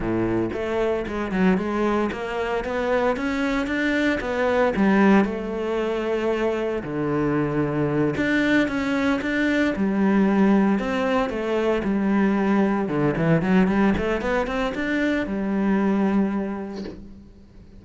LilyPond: \new Staff \with { instrumentName = "cello" } { \time 4/4 \tempo 4 = 114 a,4 a4 gis8 fis8 gis4 | ais4 b4 cis'4 d'4 | b4 g4 a2~ | a4 d2~ d8 d'8~ |
d'8 cis'4 d'4 g4.~ | g8 c'4 a4 g4.~ | g8 d8 e8 fis8 g8 a8 b8 c'8 | d'4 g2. | }